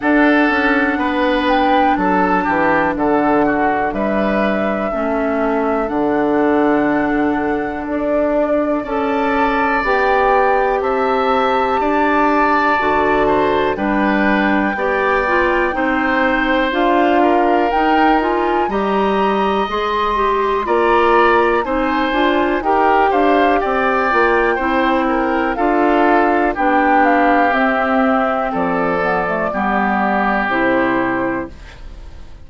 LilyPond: <<
  \new Staff \with { instrumentName = "flute" } { \time 4/4 \tempo 4 = 61 fis''4. g''8 a''4 fis''4 | e''2 fis''2 | d''4 a''4 g''4 a''4~ | a''2 g''2~ |
g''4 f''4 g''8 gis''8 ais''4 | c'''4 ais''4 gis''4 g''8 f''8 | g''2 f''4 g''8 f''8 | e''4 d''2 c''4 | }
  \new Staff \with { instrumentName = "oboe" } { \time 4/4 a'4 b'4 a'8 g'8 a'8 fis'8 | b'4 a'2.~ | a'4 d''2 e''4 | d''4. c''8 b'4 d''4 |
c''4. ais'4. dis''4~ | dis''4 d''4 c''4 ais'8 c''8 | d''4 c''8 ais'8 a'4 g'4~ | g'4 a'4 g'2 | }
  \new Staff \with { instrumentName = "clarinet" } { \time 4/4 d'1~ | d'4 cis'4 d'2~ | d'4 a'4 g'2~ | g'4 fis'4 d'4 g'8 f'8 |
dis'4 f'4 dis'8 f'8 g'4 | gis'8 g'8 f'4 dis'8 f'8 g'4~ | g'8 f'8 e'4 f'4 d'4 | c'4. b16 a16 b4 e'4 | }
  \new Staff \with { instrumentName = "bassoon" } { \time 4/4 d'8 cis'8 b4 fis8 e8 d4 | g4 a4 d2 | d'4 cis'4 b4 c'4 | d'4 d4 g4 b4 |
c'4 d'4 dis'4 g4 | gis4 ais4 c'8 d'8 dis'8 d'8 | c'8 ais8 c'4 d'4 b4 | c'4 f4 g4 c4 | }
>>